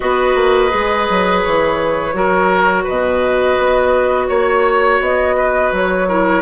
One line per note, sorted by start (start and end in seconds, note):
0.00 0.35 B3
0.00 0.69 F#4
0.00 2.15 B4
0.00 1.40 D#5
0.35 0.71 A#3
0.69 1.09 G#3
0.69 2.12 G#4
1.09 1.45 F#3
1.42 2.13 E3
1.42 2.85 C#5
2.13 2.85 F#3
2.13 6.06 F#4
2.13 2.83 A#4
2.83 3.58 B2
2.83 4.26 B4
2.83 4.27 D#5
3.58 4.29 B3
4.27 5.00 A#3
4.27 4.99 C#5
4.27 5.36 C#5
5.00 5.71 B3
5.00 5.73 D#5
5.36 6.07 B4
5.72 6.42 F#3
5.72 6.42 C#5
6.08 6.42 E4
6.08 6.42 A#4